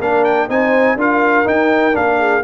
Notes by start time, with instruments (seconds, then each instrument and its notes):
0.00 tuba A#3, trombone D4, horn A#4, trumpet F5
0.24 trumpet G5
0.48 tuba C4, trombone D#4, horn C5, trumpet G#5
0.96 tuba D4, trombone F4, horn A#4, trumpet F5
1.44 trombone D#4, tuba D#4, trumpet G5
1.92 tuba A#3, trombone D4, trumpet F5
2.19 horn G#4